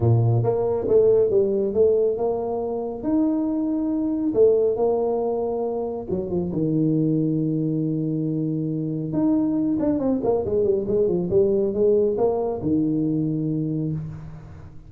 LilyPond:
\new Staff \with { instrumentName = "tuba" } { \time 4/4 \tempo 4 = 138 ais,4 ais4 a4 g4 | a4 ais2 dis'4~ | dis'2 a4 ais4~ | ais2 fis8 f8 dis4~ |
dis1~ | dis4 dis'4. d'8 c'8 ais8 | gis8 g8 gis8 f8 g4 gis4 | ais4 dis2. | }